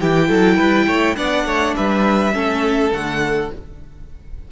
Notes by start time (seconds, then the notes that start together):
0.00 E3 E4 G4 G5
0.29 F#3 A4
0.57 G3 B4
0.87 A3 C#5
1.16 B3 D4 D5 F#5
1.46 A3 C#5
1.76 G3 B4 E5
2.33 A3 C#4 A4
2.93 D3 A3 F#5